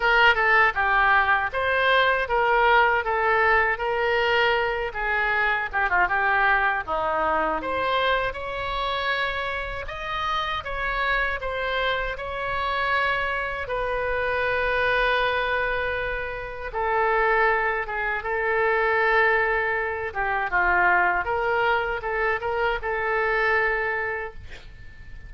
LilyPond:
\new Staff \with { instrumentName = "oboe" } { \time 4/4 \tempo 4 = 79 ais'8 a'8 g'4 c''4 ais'4 | a'4 ais'4. gis'4 g'16 f'16 | g'4 dis'4 c''4 cis''4~ | cis''4 dis''4 cis''4 c''4 |
cis''2 b'2~ | b'2 a'4. gis'8 | a'2~ a'8 g'8 f'4 | ais'4 a'8 ais'8 a'2 | }